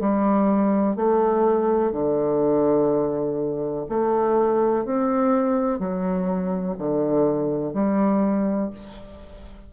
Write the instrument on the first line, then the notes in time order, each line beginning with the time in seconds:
bassoon
0.00 G3
0.96 A3
1.92 D3
3.89 A3
4.85 C4
5.79 F#3
6.78 D3
7.74 G3